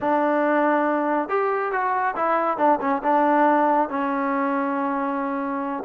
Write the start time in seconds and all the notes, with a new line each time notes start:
0.00 D4
1.28 G4
1.71 F#4
2.15 E4
2.57 D4
2.80 C#4
3.03 D4
3.89 C#4